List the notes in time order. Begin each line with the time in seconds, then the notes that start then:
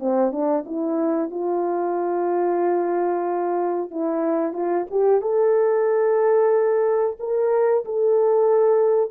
0.00 C4
0.32 D4
0.66 E4
1.31 F4
3.91 E4
4.53 F4
4.91 G4
5.22 A4
7.20 A#4
7.85 A4